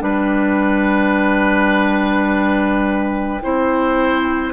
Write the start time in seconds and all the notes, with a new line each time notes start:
0.00 G3 D4 B4 G5
3.42 C4 E4 C5